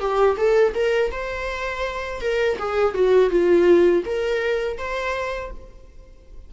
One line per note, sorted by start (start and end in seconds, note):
0.00 0.37 G4
0.37 0.74 A4
0.75 1.11 A#4
1.11 2.21 C5
2.22 2.58 A#4
2.59 2.94 G#4
2.94 3.31 F#4
3.31 4.04 F4
4.06 4.78 A#4
4.78 5.51 C5